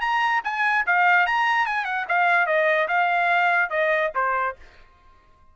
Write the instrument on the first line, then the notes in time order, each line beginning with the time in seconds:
trumpet
0.00 A#5
0.44 G#5
0.86 F5
1.26 A#5
1.66 G#5
1.85 F#5
2.08 F5
2.46 D#5
2.88 F5
3.70 D#5
4.15 C5